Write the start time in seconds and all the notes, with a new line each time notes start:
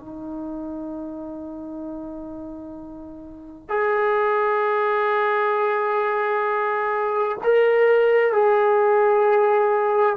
0.00 D#4
3.69 G#4
7.43 A#4
8.33 G#4